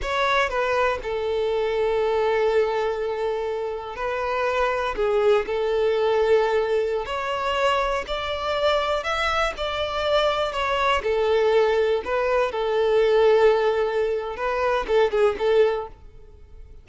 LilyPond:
\new Staff \with { instrumentName = "violin" } { \time 4/4 \tempo 4 = 121 cis''4 b'4 a'2~ | a'1 | b'2 gis'4 a'4~ | a'2~ a'16 cis''4.~ cis''16~ |
cis''16 d''2 e''4 d''8.~ | d''4~ d''16 cis''4 a'4.~ a'16~ | a'16 b'4 a'2~ a'8.~ | a'4 b'4 a'8 gis'8 a'4 | }